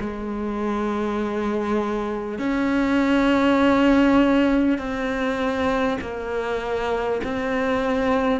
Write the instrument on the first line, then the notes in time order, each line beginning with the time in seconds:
cello
0.00 G#3
2.38 C#4
4.78 C4
6.01 A#3
7.23 C4